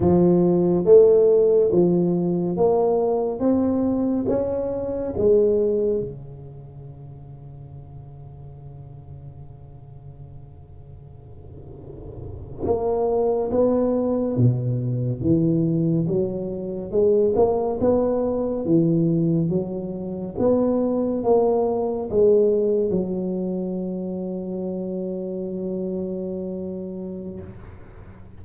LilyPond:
\new Staff \with { instrumentName = "tuba" } { \time 4/4 \tempo 4 = 70 f4 a4 f4 ais4 | c'4 cis'4 gis4 cis4~ | cis1~ | cis2~ cis8. ais4 b16~ |
b8. b,4 e4 fis4 gis16~ | gis16 ais8 b4 e4 fis4 b16~ | b8. ais4 gis4 fis4~ fis16~ | fis1 | }